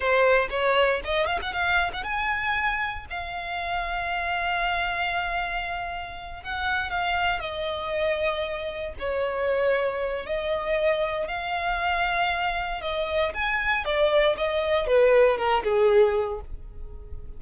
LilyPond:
\new Staff \with { instrumentName = "violin" } { \time 4/4 \tempo 4 = 117 c''4 cis''4 dis''8 f''16 fis''16 f''8. fis''16 | gis''2 f''2~ | f''1~ | f''8 fis''4 f''4 dis''4.~ |
dis''4. cis''2~ cis''8 | dis''2 f''2~ | f''4 dis''4 gis''4 d''4 | dis''4 b'4 ais'8 gis'4. | }